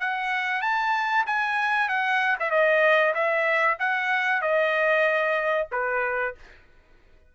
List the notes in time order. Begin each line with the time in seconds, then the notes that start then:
0.00 F#5
0.61 A5
1.26 G#5
1.89 F#5
2.40 E5
2.50 D#5
3.14 E5
3.79 F#5
4.41 D#5
5.71 B4